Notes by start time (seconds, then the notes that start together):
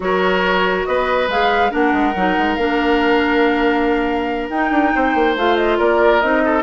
0.00 F#3 F#4 A#4 C#5
0.85 B3 B4 D#5
1.28 G#3 G#4 F5
1.70 A#3 D4 A#4 F#5
1.92 G#3
2.15 F#3 D#4
2.38 G#3
2.55 A#3 D4 F5
4.49 D#4 G5
4.70 D4
4.95 C4 C5
5.14 A#3
5.36 A3 F4 F5
5.56 D#5
5.78 A#3 A#4 D5
6.20 C4 D#4 D#5
6.44 A4